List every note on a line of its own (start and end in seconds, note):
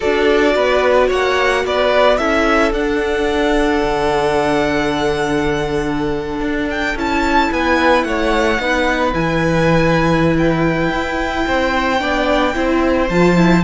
0.00 0.55 D4
0.00 2.18 F#4
0.00 0.54 A4
0.00 1.10 D5
0.55 1.10 B3
0.55 1.07 B4
1.07 1.65 A#3
1.07 1.62 C#5
1.07 1.65 F#5
1.65 2.19 B3
1.65 2.18 B4
1.65 2.17 D5
2.17 2.72 C#4
2.17 2.72 E4
2.17 7.50 A4
2.17 2.72 E5
2.72 3.81 D4
2.72 6.95 D4
2.72 6.69 F#5
3.82 6.40 D3
6.40 6.95 D4
6.70 6.97 G5
6.95 7.49 C#4
6.95 8.59 E4
6.95 7.53 A5
7.51 8.03 B3
7.51 8.06 B4
7.51 8.04 G#5
8.03 8.58 A3
8.03 8.61 C#5
8.03 9.13 F#5
8.59 9.13 B3
8.59 9.13 D#4
8.59 11.47 B4
9.13 10.89 E3
9.13 11.99 E4
9.13 10.36 G#5
10.38 13.09 G5
10.89 11.43 E4
11.47 12.00 C4
11.47 12.00 C5
11.99 12.54 B3
11.99 12.53 D4
11.99 12.55 D5
12.54 13.09 C4
12.54 13.08 E4
12.54 13.64 C5
13.09 13.64 F3
13.09 13.35 F4
13.09 13.63 A5
13.35 13.62 E4